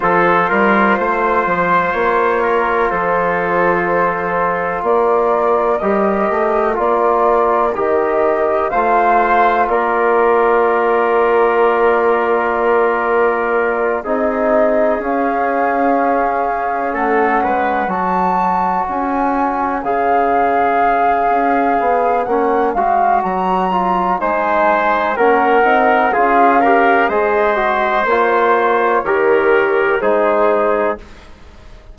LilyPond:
<<
  \new Staff \with { instrumentName = "flute" } { \time 4/4 \tempo 4 = 62 c''2 cis''4 c''4~ | c''4 d''4 dis''4 d''4 | dis''4 f''4 d''2~ | d''2~ d''8 dis''4 f''8~ |
f''4. fis''4 a''4 gis''8~ | gis''8 f''2~ f''8 fis''8 f''8 | ais''4 gis''4 fis''4 f''4 | dis''4 cis''2 c''4 | }
  \new Staff \with { instrumentName = "trumpet" } { \time 4/4 a'8 ais'8 c''4. ais'8 a'4~ | a'4 ais'2.~ | ais'4 c''4 ais'2~ | ais'2~ ais'8 gis'4.~ |
gis'4. a'8 b'8 cis''4.~ | cis''1~ | cis''4 c''4 ais'4 gis'8 ais'8 | c''2 ais'4 gis'4 | }
  \new Staff \with { instrumentName = "trombone" } { \time 4/4 f'1~ | f'2 g'4 f'4 | g'4 f'2.~ | f'2~ f'8 dis'4 cis'8~ |
cis'2~ cis'8 fis'4.~ | fis'8 gis'2~ gis'8 cis'8 fis'8~ | fis'8 f'8 dis'4 cis'8 dis'8 f'8 g'8 | gis'8 fis'8 f'4 g'4 dis'4 | }
  \new Staff \with { instrumentName = "bassoon" } { \time 4/4 f8 g8 a8 f8 ais4 f4~ | f4 ais4 g8 a8 ais4 | dis4 a4 ais2~ | ais2~ ais8 c'4 cis'8~ |
cis'4. a8 gis8 fis4 cis'8~ | cis'8 cis4. cis'8 b8 ais8 gis8 | fis4 gis4 ais8 c'8 cis'4 | gis4 ais4 dis4 gis4 | }
>>